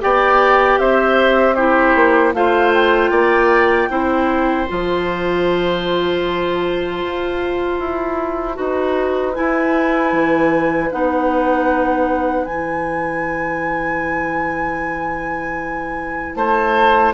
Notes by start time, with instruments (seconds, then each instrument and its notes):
0.00 bassoon B3, clarinet G4, oboe D5, flute G5
0.79 bassoon C4, oboe C5, flute E5
1.55 clarinet E4, oboe G4, flute C5
1.95 bassoon A#3
2.34 bassoon A3, clarinet F4, oboe C5, flute F5
2.74 flute G5
3.11 bassoon A#3, oboe D5
3.89 bassoon C4, clarinet E4, oboe C5
4.68 bassoon F3, clarinet F4, flute A5
7.04 bassoon F4
7.79 bassoon E4
8.55 bassoon D#4, clarinet F#4, oboe B4
9.35 clarinet E4, bassoon E4, flute G#5
10.13 bassoon E3
10.91 bassoon B3, clarinet D#4, flute F#5
12.45 bassoon E3, clarinet E4, flute G#5
16.35 bassoon A3, oboe C5, flute A5